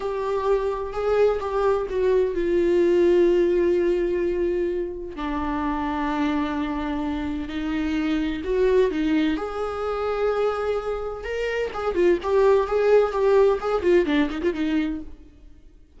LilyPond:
\new Staff \with { instrumentName = "viola" } { \time 4/4 \tempo 4 = 128 g'2 gis'4 g'4 | fis'4 f'2.~ | f'2. d'4~ | d'1 |
dis'2 fis'4 dis'4 | gis'1 | ais'4 gis'8 f'8 g'4 gis'4 | g'4 gis'8 f'8 d'8 dis'16 f'16 dis'4 | }